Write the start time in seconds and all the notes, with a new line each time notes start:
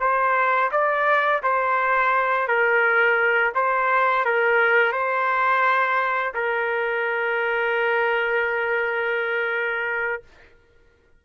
0.00 C5
0.71 D5
1.43 C5
2.48 A#4
3.55 C5
4.25 A#4
4.92 C5
6.34 A#4